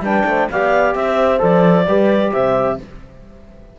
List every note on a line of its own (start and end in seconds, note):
0.00 0.23 G3
0.00 0.50 D4
0.00 0.26 B4
0.00 0.49 G5
0.25 0.48 A3
0.25 0.50 C5
0.50 0.95 B3
0.50 1.38 G4
0.50 0.98 D5
0.50 0.95 F5
0.95 1.40 C4
0.95 1.88 C5
0.95 1.40 E5
1.38 1.87 F3
1.38 1.84 A4
1.38 2.32 D5
1.87 2.32 G3
1.87 2.79 G4
1.87 2.32 B4
2.32 2.79 C3
2.32 2.78 C5
2.32 2.78 E5